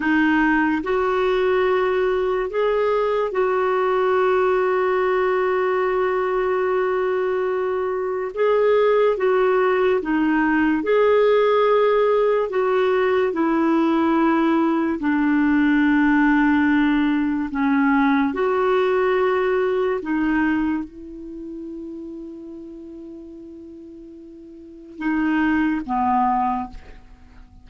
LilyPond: \new Staff \with { instrumentName = "clarinet" } { \time 4/4 \tempo 4 = 72 dis'4 fis'2 gis'4 | fis'1~ | fis'2 gis'4 fis'4 | dis'4 gis'2 fis'4 |
e'2 d'2~ | d'4 cis'4 fis'2 | dis'4 e'2.~ | e'2 dis'4 b4 | }